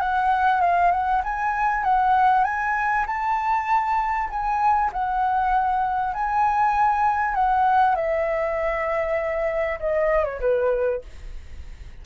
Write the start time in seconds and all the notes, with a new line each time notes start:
0.00 F#5
0.61 F5
0.91 F#5
1.24 G#5
1.83 F#5
2.44 G#5
3.06 A5
4.30 G#5
4.93 F#5
6.14 G#5
7.34 F#5
7.95 E5
9.80 D#5
10.24 C#5
10.40 B4